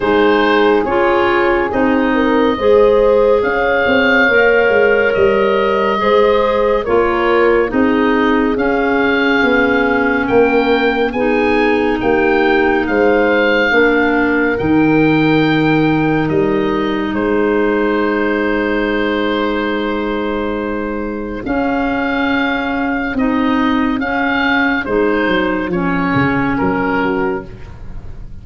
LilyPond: <<
  \new Staff \with { instrumentName = "oboe" } { \time 4/4 \tempo 4 = 70 c''4 cis''4 dis''2 | f''2 dis''2 | cis''4 dis''4 f''2 | g''4 gis''4 g''4 f''4~ |
f''4 g''2 dis''4 | c''1~ | c''4 f''2 dis''4 | f''4 c''4 cis''4 ais'4 | }
  \new Staff \with { instrumentName = "horn" } { \time 4/4 gis'2~ gis'8 ais'8 c''4 | cis''2. c''4 | ais'4 gis'2. | ais'4 gis'4 g'4 c''4 |
ais'1 | gis'1~ | gis'1~ | gis'2.~ gis'8 fis'8 | }
  \new Staff \with { instrumentName = "clarinet" } { \time 4/4 dis'4 f'4 dis'4 gis'4~ | gis'4 ais'2 gis'4 | f'4 dis'4 cis'2~ | cis'4 dis'2. |
d'4 dis'2.~ | dis'1~ | dis'4 cis'2 dis'4 | cis'4 dis'4 cis'2 | }
  \new Staff \with { instrumentName = "tuba" } { \time 4/4 gis4 cis'4 c'4 gis4 | cis'8 c'8 ais8 gis8 g4 gis4 | ais4 c'4 cis'4 b4 | ais4 b4 ais4 gis4 |
ais4 dis2 g4 | gis1~ | gis4 cis'2 c'4 | cis'4 gis8 fis8 f8 cis8 fis4 | }
>>